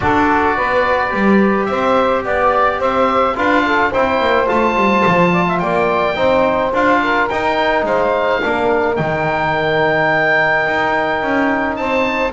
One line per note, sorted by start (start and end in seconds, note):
0.00 0.57 D4
0.00 1.09 F#4
0.00 0.56 A4
0.00 1.65 D5
0.56 1.13 B3
0.56 1.68 B4
1.09 1.69 G3
1.09 3.33 G4
1.65 2.25 C4
1.65 2.24 C5
1.65 2.21 E5
2.24 2.79 B3
2.24 2.79 D5
2.24 2.81 D5
2.79 3.35 C4
2.79 3.35 C5
2.79 3.37 E5
3.35 3.92 D4
3.35 3.91 F4
3.35 3.64 B4
3.35 3.93 F5
3.65 3.90 A4
3.90 4.20 C4
3.90 4.46 E4
3.90 5.30 C5
3.90 4.48 G5
4.20 4.48 A#3
4.46 4.75 A3
4.46 6.14 F4
4.46 5.59 A5
4.75 5.03 G3
5.06 5.62 F3
5.32 5.46 D5
5.47 5.61 E5
5.59 6.16 A#3
5.59 6.16 D5
5.59 6.71 G5
6.15 6.72 C4
6.15 6.71 D#4
6.15 7.01 C5
6.73 7.29 D4
6.73 7.30 F4
6.73 7.28 F5
7.02 7.85 A#4
7.28 7.83 D#4
7.28 8.41 D#4
7.28 7.84 G5
7.83 8.39 G#3
7.83 8.41 C5
7.83 8.96 F5
8.41 8.98 A#3
8.41 8.95 D4
8.41 11.79 A#4
8.95 10.66 D#3
8.95 12.32 D#4
8.95 11.76 G5
10.66 11.22 D#4
11.22 11.77 C#4
11.76 12.32 C4
11.76 12.32 C5
11.76 12.32 A5